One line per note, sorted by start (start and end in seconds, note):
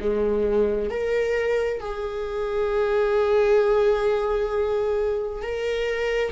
0.00 0.90 G#3
0.90 1.80 A#4
1.80 5.43 G#4
5.43 6.32 A#4